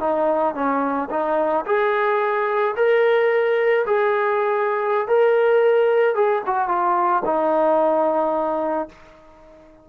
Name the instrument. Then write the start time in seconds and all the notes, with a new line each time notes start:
trombone
0.00 D#4
0.55 C#4
1.10 D#4
1.66 G#4
2.76 A#4
3.86 G#4
5.08 A#4
6.15 G#4
6.46 F#4
6.68 F4
7.25 D#4